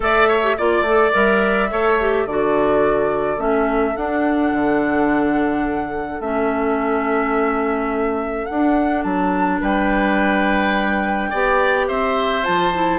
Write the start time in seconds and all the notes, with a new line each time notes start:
0.00 A3 A4 D5 E5
0.27 C#5
0.42 G4
0.57 A#3 F4 D5
0.81 A3
0.87 A4
1.12 G3 A#4 E5
1.70 A3 A4 C#5
2.00 G4
2.25 D3 F#4 A4 D5
3.37 A3 C#4 E5
3.96 D4 F#5
4.52 D3
6.20 A3 C#4 E5
8.45 D4 F#5
8.53 D4
9.03 F#3 A5
9.60 G3 B4 G5
11.29 B3 G4 D5
11.88 C4 C5 E5
12.43 F3 F4 A5
12.73 E4